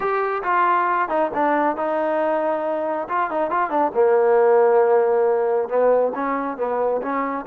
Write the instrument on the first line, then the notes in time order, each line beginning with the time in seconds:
trombone
0.00 G4
0.43 F4
1.08 D#4
1.34 D4
1.76 D#4
3.09 F4
3.30 D#4
3.50 F4
3.70 D4
3.94 A#3
5.68 B3
6.14 C#4
6.57 B3
7.02 C#4